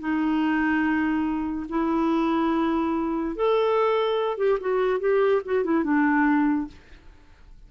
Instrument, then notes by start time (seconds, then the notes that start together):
clarinet
0.00 D#4
1.69 E4
3.36 A4
4.38 G4
4.60 F#4
5.00 G4
5.45 F#4
5.64 E4
5.84 D4